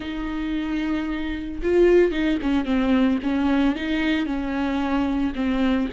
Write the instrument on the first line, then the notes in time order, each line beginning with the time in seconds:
viola
0.00 D#4
1.62 F4
2.11 D#4
2.42 C#4
2.65 C4
3.22 C#4
3.75 D#4
4.26 C#4
5.35 C4